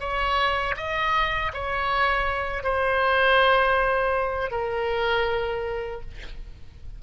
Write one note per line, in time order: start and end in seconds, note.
0.00 0.75 C#5
0.77 1.52 D#5
1.53 2.64 C#5
2.64 4.51 C5
4.51 6.01 A#4